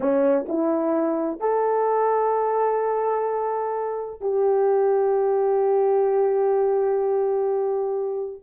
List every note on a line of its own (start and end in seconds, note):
0.00 0.46 C#4
0.48 1.40 E4
1.40 4.20 A4
4.20 8.42 G4